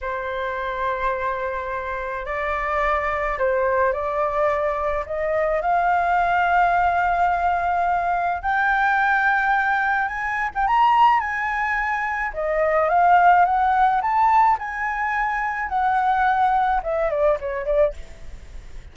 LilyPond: \new Staff \with { instrumentName = "flute" } { \time 4/4 \tempo 4 = 107 c''1 | d''2 c''4 d''4~ | d''4 dis''4 f''2~ | f''2. g''4~ |
g''2 gis''8. g''16 ais''4 | gis''2 dis''4 f''4 | fis''4 a''4 gis''2 | fis''2 e''8 d''8 cis''8 d''8 | }